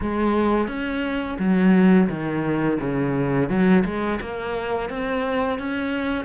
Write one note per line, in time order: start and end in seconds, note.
0.00 0.67 G#3
0.67 1.37 C#4
1.39 2.08 F#3
2.09 2.78 D#3
2.80 3.49 C#3
3.49 3.84 F#3
3.84 4.19 G#3
4.21 4.89 A#3
4.89 5.58 C4
5.58 6.24 C#4